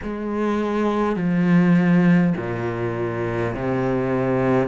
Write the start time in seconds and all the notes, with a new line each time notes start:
0.03 G#3
1.16 F3
2.36 A#2
3.55 C3